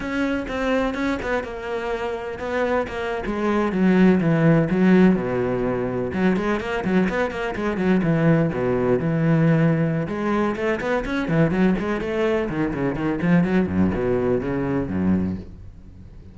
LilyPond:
\new Staff \with { instrumentName = "cello" } { \time 4/4 \tempo 4 = 125 cis'4 c'4 cis'8 b8 ais4~ | ais4 b4 ais8. gis4 fis16~ | fis8. e4 fis4 b,4~ b,16~ | b,8. fis8 gis8 ais8 fis8 b8 ais8 gis16~ |
gis16 fis8 e4 b,4 e4~ e16~ | e4 gis4 a8 b8 cis'8 e8 | fis8 gis8 a4 dis8 cis8 dis8 f8 | fis8 fis,8 b,4 cis4 fis,4 | }